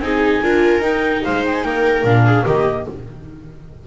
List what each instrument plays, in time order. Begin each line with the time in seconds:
0.00 double bass C4, viola D#4 G#4, clarinet G#5
0.43 double bass D4, viola F4 A#4
0.80 double bass D#4, viola D#4, clarinet G5
1.24 double bass G#3, viola C5, clarinet F5
1.45 clarinet G5
1.54 clarinet G#5
1.64 double bass A#3, viola A#4, clarinet G5
2.04 double bass A#2, viola D4, clarinet F5
2.26 viola G#4
2.45 double bass D#3, viola A#3 G4, clarinet D#5